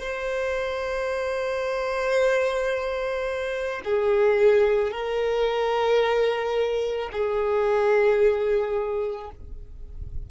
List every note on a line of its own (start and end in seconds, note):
0.00 3.82 C5
3.84 4.91 G#4
4.91 7.10 A#4
7.12 9.30 G#4